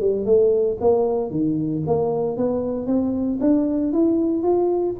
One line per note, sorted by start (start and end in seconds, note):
0.00 0.25 G3
0.25 0.78 A3
0.81 1.30 A#3
1.30 1.83 D#3
1.87 2.37 A#3
2.37 2.87 B3
2.87 3.39 C4
3.41 3.92 D4
3.92 4.43 E4
4.43 4.95 F4